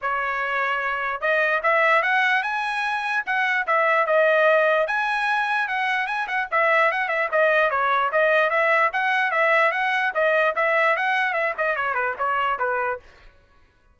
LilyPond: \new Staff \with { instrumentName = "trumpet" } { \time 4/4 \tempo 4 = 148 cis''2. dis''4 | e''4 fis''4 gis''2 | fis''4 e''4 dis''2 | gis''2 fis''4 gis''8 fis''8 |
e''4 fis''8 e''8 dis''4 cis''4 | dis''4 e''4 fis''4 e''4 | fis''4 dis''4 e''4 fis''4 | e''8 dis''8 cis''8 b'8 cis''4 b'4 | }